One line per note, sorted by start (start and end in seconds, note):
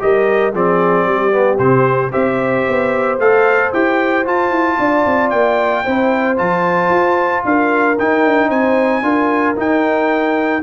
0.00 0.54 G3
0.00 0.53 G4
0.00 0.53 A#4
0.00 0.55 D#5
0.53 1.06 F3
0.53 1.32 C4
0.53 1.06 G#4
0.53 1.58 D5
1.06 1.59 G3
1.06 2.11 G4
1.32 1.59 B3
1.58 2.12 C3
1.58 2.12 C4
1.58 2.11 C5
2.11 2.68 C4
2.11 3.18 G4
2.11 4.77 C5
2.11 3.19 E5
2.69 3.20 B3
3.20 3.73 A3
3.20 3.74 A4
3.20 3.73 F5
3.74 4.27 E4
3.74 4.26 G4
3.74 4.27 G5
4.26 5.85 F4
4.26 4.51 F4
4.26 5.30 A5
4.51 4.77 E4
4.79 5.06 D4
4.79 5.85 D5
5.06 5.33 C4
5.30 5.86 A#3
5.30 6.36 G5
5.85 6.40 C4
5.85 6.37 E4
5.85 7.44 C5
6.37 6.90 F3
6.37 7.96 F4
6.37 7.44 A5
6.90 7.43 F4
7.45 7.98 D4
7.45 8.49 A#4
7.45 7.99 F5
7.99 8.25 D#4
7.99 9.03 D#4
7.99 8.50 G5
8.25 8.50 D4
8.49 9.03 C4
8.49 9.02 C5
8.49 9.57 G#5
9.03 9.56 D4
9.03 9.56 F4
9.03 10.63 A#4
9.56 10.62 D#4
9.56 10.63 D#4
9.56 10.63 G5